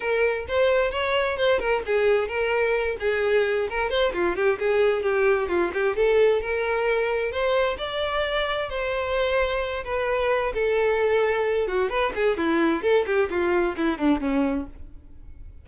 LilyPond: \new Staff \with { instrumentName = "violin" } { \time 4/4 \tempo 4 = 131 ais'4 c''4 cis''4 c''8 ais'8 | gis'4 ais'4. gis'4. | ais'8 c''8 f'8 g'8 gis'4 g'4 | f'8 g'8 a'4 ais'2 |
c''4 d''2 c''4~ | c''4. b'4. a'4~ | a'4. fis'8 b'8 gis'8 e'4 | a'8 g'8 f'4 e'8 d'8 cis'4 | }